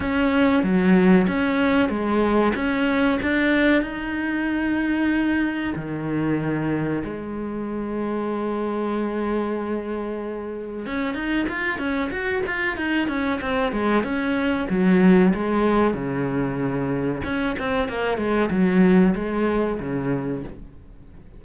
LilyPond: \new Staff \with { instrumentName = "cello" } { \time 4/4 \tempo 4 = 94 cis'4 fis4 cis'4 gis4 | cis'4 d'4 dis'2~ | dis'4 dis2 gis4~ | gis1~ |
gis4 cis'8 dis'8 f'8 cis'8 fis'8 f'8 | dis'8 cis'8 c'8 gis8 cis'4 fis4 | gis4 cis2 cis'8 c'8 | ais8 gis8 fis4 gis4 cis4 | }